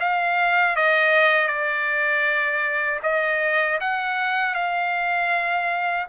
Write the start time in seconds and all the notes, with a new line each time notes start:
0.00 F5
0.76 D#5
1.48 D5
3.03 D#5
3.80 F#5
4.54 F5